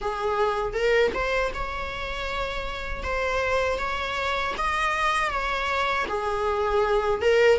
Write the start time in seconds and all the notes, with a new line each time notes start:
0.01 G#4
0.73 A#4
1.14 C5
1.54 C#5
3.03 C5
3.78 C#5
4.57 D#5
5.30 C#5
6.08 G#4
7.21 A#4